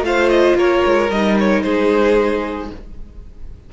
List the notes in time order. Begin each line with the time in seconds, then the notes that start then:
0.00 A3 F4 C5 F5
0.28 D#5
0.55 A#3 A#4 C#5
0.85 G#3
1.10 G3 D#4 D#5
1.38 C#5
1.62 G#3 G#4 C5